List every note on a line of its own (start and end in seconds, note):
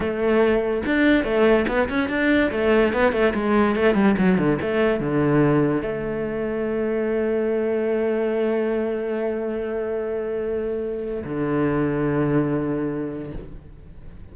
0.00 0.82 A3
0.86 1.24 D4
1.24 1.65 A3
1.67 1.88 B3
1.89 2.09 C#4
2.09 2.50 D4
2.51 2.93 A3
2.93 3.12 B3
3.12 3.33 A3
3.34 3.75 G#3
3.75 3.94 A3
3.94 4.15 G3
4.18 4.38 F#3
4.38 4.59 D3
4.61 5.00 A3
5.00 5.81 D3
5.81 11.23 A3
11.24 13.32 D3